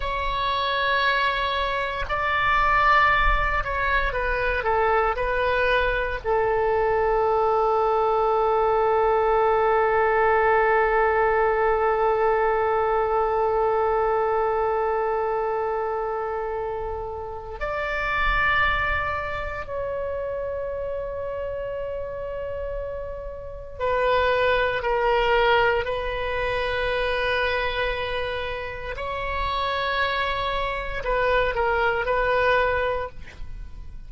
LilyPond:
\new Staff \with { instrumentName = "oboe" } { \time 4/4 \tempo 4 = 58 cis''2 d''4. cis''8 | b'8 a'8 b'4 a'2~ | a'1~ | a'1~ |
a'4 d''2 cis''4~ | cis''2. b'4 | ais'4 b'2. | cis''2 b'8 ais'8 b'4 | }